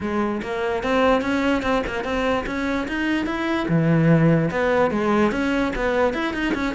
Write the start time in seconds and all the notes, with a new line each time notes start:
0.00 G#3
0.42 A#3
0.83 C4
1.21 C#4
1.62 C4
1.86 A#3
2.04 C4
2.46 C#4
2.88 D#4
3.26 E4
3.68 E3
4.50 B3
4.91 G#3
5.31 C#4
5.75 B3
6.13 E4
6.33 D#4
6.54 C#4